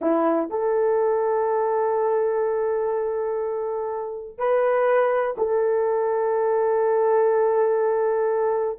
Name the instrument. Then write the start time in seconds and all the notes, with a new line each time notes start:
horn
0.01 E4
0.50 A4
4.38 B4
5.37 A4